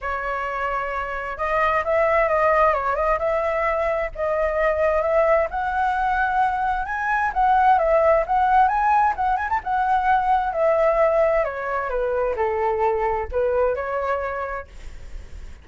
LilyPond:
\new Staff \with { instrumentName = "flute" } { \time 4/4 \tempo 4 = 131 cis''2. dis''4 | e''4 dis''4 cis''8 dis''8 e''4~ | e''4 dis''2 e''4 | fis''2. gis''4 |
fis''4 e''4 fis''4 gis''4 | fis''8 gis''16 a''16 fis''2 e''4~ | e''4 cis''4 b'4 a'4~ | a'4 b'4 cis''2 | }